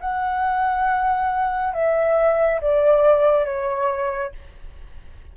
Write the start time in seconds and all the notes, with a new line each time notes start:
0.00 F#5
1.73 E5
2.61 D5
3.45 C#5